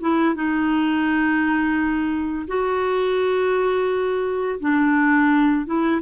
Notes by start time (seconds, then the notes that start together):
0.00 E4
0.34 D#4
2.47 F#4
4.60 D4
5.66 E4